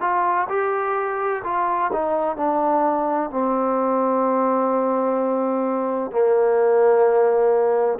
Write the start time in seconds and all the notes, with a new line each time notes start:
0.00 F4
0.49 G4
1.44 F4
1.93 D#4
2.37 D4
3.30 C4
6.12 A#3